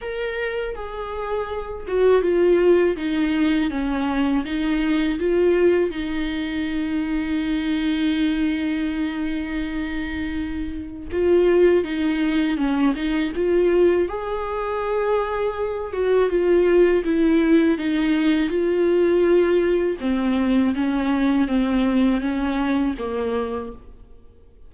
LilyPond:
\new Staff \with { instrumentName = "viola" } { \time 4/4 \tempo 4 = 81 ais'4 gis'4. fis'8 f'4 | dis'4 cis'4 dis'4 f'4 | dis'1~ | dis'2. f'4 |
dis'4 cis'8 dis'8 f'4 gis'4~ | gis'4. fis'8 f'4 e'4 | dis'4 f'2 c'4 | cis'4 c'4 cis'4 ais4 | }